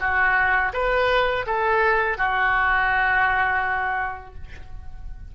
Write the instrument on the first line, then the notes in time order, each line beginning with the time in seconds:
oboe
0.00 F#4
0.73 B4
1.47 A4
2.18 F#4